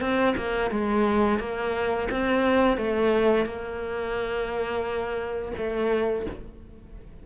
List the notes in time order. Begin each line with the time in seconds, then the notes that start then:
0.00 C4
0.37 A#3
0.71 G#3
1.39 A#3
2.10 C4
2.76 A3
3.45 A#3
5.57 A3